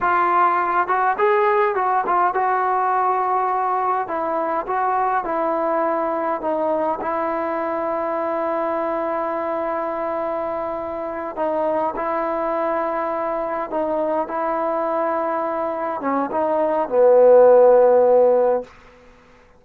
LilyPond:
\new Staff \with { instrumentName = "trombone" } { \time 4/4 \tempo 4 = 103 f'4. fis'8 gis'4 fis'8 f'8 | fis'2. e'4 | fis'4 e'2 dis'4 | e'1~ |
e'2.~ e'8 dis'8~ | dis'8 e'2. dis'8~ | dis'8 e'2. cis'8 | dis'4 b2. | }